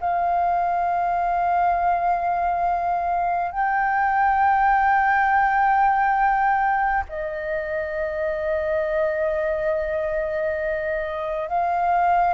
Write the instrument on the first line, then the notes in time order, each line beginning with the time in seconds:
flute
0.00 F5
3.51 G5
7.08 D#5
11.48 F5